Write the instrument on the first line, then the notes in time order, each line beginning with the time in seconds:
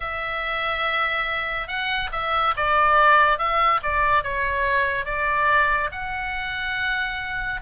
oboe
0.00 E5
1.67 F#5
2.12 E5
2.56 D5
3.38 E5
3.82 D5
4.23 C#5
5.05 D5
5.91 F#5